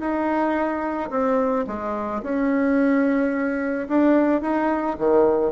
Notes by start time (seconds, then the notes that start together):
0.00 D#4
1.11 C4
1.67 G#3
2.23 C#4
3.88 D4
4.42 D#4
4.98 D#3